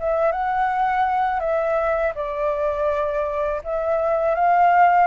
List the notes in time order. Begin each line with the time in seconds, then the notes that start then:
0.00 E5
0.32 F#5
1.40 E5
2.15 D5
3.64 E5
4.35 F5